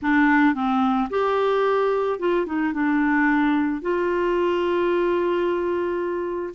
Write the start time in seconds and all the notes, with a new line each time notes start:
0.01 D4
0.54 C4
1.10 G4
2.19 F4
2.45 D#4
2.73 D4
3.81 F4